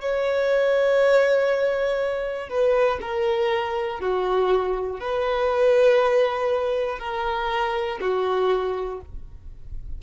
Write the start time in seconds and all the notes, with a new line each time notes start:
0.00 C#5
2.49 B4
3.00 A#4
4.00 F#4
5.00 B4
6.98 A#4
8.00 F#4